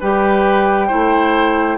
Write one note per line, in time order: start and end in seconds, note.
0.00 0.91 G3
0.00 0.89 G4
0.00 0.87 B4
0.00 1.78 G5
0.87 1.78 A3
0.87 1.78 E4
0.87 1.77 C5